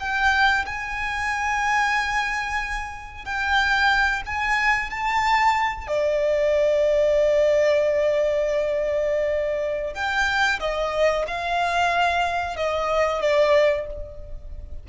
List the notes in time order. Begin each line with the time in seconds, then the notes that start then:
0.00 G5
0.66 G#5
3.25 G5
4.26 G#5
4.90 A5
5.88 D5
9.94 G5
10.60 D#5
11.28 F5
12.56 D#5
13.22 D5